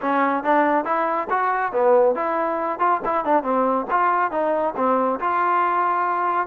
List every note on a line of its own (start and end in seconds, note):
0.01 0.43 C#4
0.43 0.84 D4
0.84 1.28 E4
1.29 1.72 F#4
1.72 2.15 B3
2.15 2.79 E4
2.79 3.00 F4
3.05 3.25 E4
3.25 3.43 D4
3.43 3.86 C4
3.90 4.31 F4
4.31 4.74 D#4
4.76 5.19 C4
5.20 6.47 F4